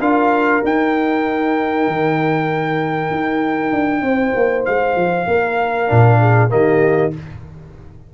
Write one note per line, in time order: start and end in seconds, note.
0.00 0.62 D4
0.00 0.62 F4
0.00 4.02 A#4
0.00 0.64 F5
0.62 5.87 D#4
0.62 1.88 D#4
0.62 4.65 G5
1.88 3.11 D#3
3.11 3.72 D#4
3.73 4.02 D4
4.02 4.33 C4
4.02 5.29 C5
4.36 4.67 A#3
4.65 4.96 G#3
4.65 6.51 F5
4.96 5.27 F3
5.28 5.89 A#3
5.28 6.20 A#4
5.87 6.52 A#2
5.87 6.49 D4
6.20 6.51 G#4
6.49 7.14 D#3
6.49 7.11 A#3
6.49 7.14 G4
6.49 7.13 D#5